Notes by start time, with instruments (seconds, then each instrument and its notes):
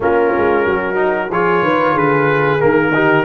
0.00 tuba A#3, trombone C#4, horn F4, trumpet A#4
0.37 tuba G#3
0.65 tuba F#3, horn F#4
0.95 trombone D#4
1.30 tuba F3, trombone F4, horn G#4, trumpet C#5
1.62 tuba D#3, horn B4
1.93 tuba D3, horn G#4, trumpet B4
2.60 tuba D#3, trombone A#3, trumpet A#4
2.93 trombone D#4, horn G4